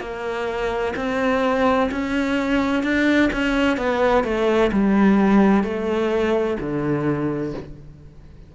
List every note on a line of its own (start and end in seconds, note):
0.00 0.94 A#3
0.96 1.90 C4
1.91 2.83 C#4
2.83 3.30 D4
3.33 3.77 C#4
3.77 4.24 B3
4.24 4.71 A3
4.72 5.63 G3
5.63 6.57 A3
6.60 7.53 D3